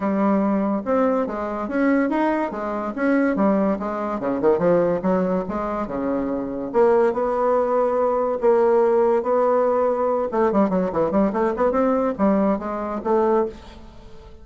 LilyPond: \new Staff \with { instrumentName = "bassoon" } { \time 4/4 \tempo 4 = 143 g2 c'4 gis4 | cis'4 dis'4 gis4 cis'4 | g4 gis4 cis8 dis8 f4 | fis4 gis4 cis2 |
ais4 b2. | ais2 b2~ | b8 a8 g8 fis8 e8 g8 a8 b8 | c'4 g4 gis4 a4 | }